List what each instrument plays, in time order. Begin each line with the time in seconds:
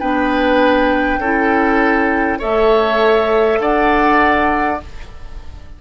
0.00 bassoon B3, clarinet D4, oboe B4, flute G5
1.18 bassoon C#4, clarinet E4, oboe A4
2.39 bassoon A3, clarinet A4, oboe C#5, flute E5
3.60 bassoon D4, oboe D5, flute F#5